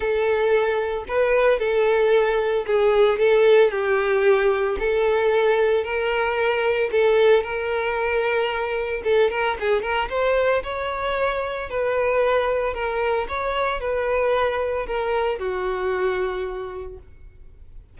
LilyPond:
\new Staff \with { instrumentName = "violin" } { \time 4/4 \tempo 4 = 113 a'2 b'4 a'4~ | a'4 gis'4 a'4 g'4~ | g'4 a'2 ais'4~ | ais'4 a'4 ais'2~ |
ais'4 a'8 ais'8 gis'8 ais'8 c''4 | cis''2 b'2 | ais'4 cis''4 b'2 | ais'4 fis'2. | }